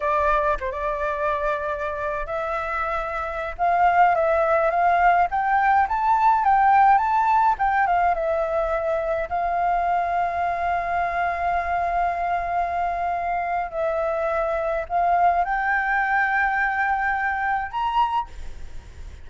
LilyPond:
\new Staff \with { instrumentName = "flute" } { \time 4/4 \tempo 4 = 105 d''4 c''16 d''2~ d''8. | e''2~ e''16 f''4 e''8.~ | e''16 f''4 g''4 a''4 g''8.~ | g''16 a''4 g''8 f''8 e''4.~ e''16~ |
e''16 f''2.~ f''8.~ | f''1 | e''2 f''4 g''4~ | g''2. ais''4 | }